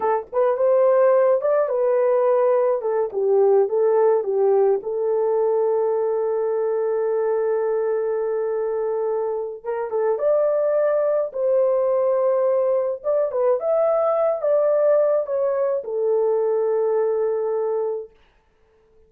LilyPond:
\new Staff \with { instrumentName = "horn" } { \time 4/4 \tempo 4 = 106 a'8 b'8 c''4. d''8 b'4~ | b'4 a'8 g'4 a'4 g'8~ | g'8 a'2.~ a'8~ | a'1~ |
a'4 ais'8 a'8 d''2 | c''2. d''8 b'8 | e''4. d''4. cis''4 | a'1 | }